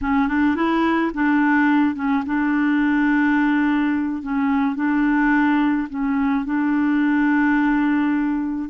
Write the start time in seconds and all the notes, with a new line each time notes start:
0.01 C#4
0.28 D4
0.55 E4
1.13 D4
1.95 C#4
2.26 D4
4.22 C#4
4.75 D4
5.89 C#4
6.45 D4